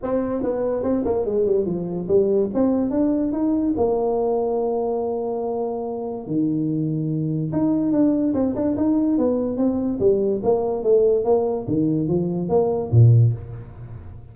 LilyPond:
\new Staff \with { instrumentName = "tuba" } { \time 4/4 \tempo 4 = 144 c'4 b4 c'8 ais8 gis8 g8 | f4 g4 c'4 d'4 | dis'4 ais2.~ | ais2. dis4~ |
dis2 dis'4 d'4 | c'8 d'8 dis'4 b4 c'4 | g4 ais4 a4 ais4 | dis4 f4 ais4 ais,4 | }